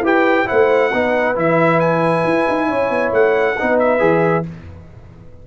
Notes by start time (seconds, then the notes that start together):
0.00 E4 G4 B4 G5
0.46 A3 E4 C5 F#5
0.92 B3 D#4 B4
1.35 E3 E4 E5
1.80 G#5
2.24 E4
2.48 D#4
2.67 C#4 C#5
2.89 B3
3.12 A3 F#5
3.58 B3 D#4 B4
3.78 E5
3.99 E3 G#4